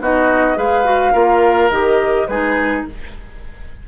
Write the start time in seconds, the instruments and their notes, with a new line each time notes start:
0.00 bassoon B3, clarinet D#4, oboe F#4, flute D#5
0.56 bassoon G#3, clarinet G#4, oboe B4, flute F5
0.85 clarinet F#4
1.12 bassoon A#3, clarinet F4, oboe A#4
1.70 bassoon D#3, clarinet G4, flute D#5
2.27 bassoon G#3, clarinet D#4, oboe G#4, flute B4